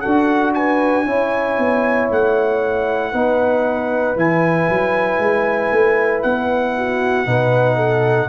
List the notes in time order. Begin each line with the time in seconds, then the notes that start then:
0.00 D4 F#4 A4 F#5
0.54 B4 G#5
1.06 C#4 E4 C#5
1.58 B3
2.11 A3 F#5
3.12 B3 D#4 B4
4.16 E3 E4 G#5
4.69 F#3
5.19 G#3
5.72 A3
6.23 B3 F#5
6.77 F#4
7.26 B2 D#4 B4
7.76 A4